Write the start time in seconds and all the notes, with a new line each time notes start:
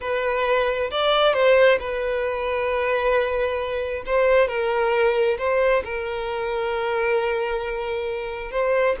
0.01 B4
0.91 D5
1.33 C5
1.79 B4
4.05 C5
4.48 A#4
5.38 C5
5.84 A#4
8.51 C5